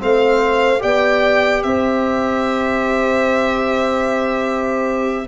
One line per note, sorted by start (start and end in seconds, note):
0.00 0.83 A3
0.00 0.79 C4
0.00 0.82 C5
0.00 0.82 F5
0.79 1.64 B3
0.79 5.25 G4
0.79 1.63 D5
0.79 1.63 G5
1.63 5.28 C4
1.63 5.28 C5
1.63 5.28 E5